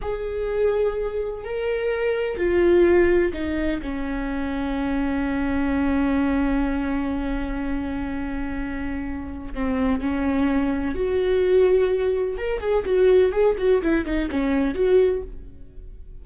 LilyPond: \new Staff \with { instrumentName = "viola" } { \time 4/4 \tempo 4 = 126 gis'2. ais'4~ | ais'4 f'2 dis'4 | cis'1~ | cis'1~ |
cis'1 | c'4 cis'2 fis'4~ | fis'2 ais'8 gis'8 fis'4 | gis'8 fis'8 e'8 dis'8 cis'4 fis'4 | }